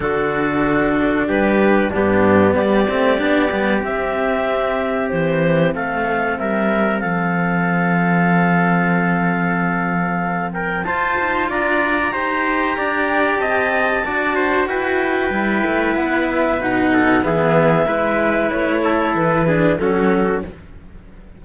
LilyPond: <<
  \new Staff \with { instrumentName = "clarinet" } { \time 4/4 \tempo 4 = 94 a'2 b'4 g'4 | d''2 e''2 | c''4 f''4 e''4 f''4~ | f''1~ |
f''8 g''8 a''4 ais''2~ | ais''4 a''2 g''4~ | g''4 fis''8 e''8 fis''4 e''4~ | e''4 cis''4 b'4 a'4 | }
  \new Staff \with { instrumentName = "trumpet" } { \time 4/4 fis'2 g'4 d'4 | g'1~ | g'4 a'4 ais'4 a'4~ | a'1~ |
a'8 ais'8 c''4 d''4 c''4 | d''4 dis''4 d''8 c''8 b'4~ | b'2~ b'8 a'8 gis'4 | b'4. a'4 gis'8 fis'4 | }
  \new Staff \with { instrumentName = "cello" } { \time 4/4 d'2. b4~ | b8 c'8 d'8 b8 c'2~ | c'1~ | c'1~ |
c'4 f'2 g'4~ | g'2 fis'2 | e'2 dis'4 b4 | e'2~ e'8 d'8 cis'4 | }
  \new Staff \with { instrumentName = "cello" } { \time 4/4 d2 g4 g,4 | g8 a8 b8 g8 c'2 | e4 a4 g4 f4~ | f1~ |
f4 f'8 dis'8 d'4 dis'4 | d'4 c'4 d'4 e'4 | g8 a8 b4 b,4 e4 | gis4 a4 e4 fis4 | }
>>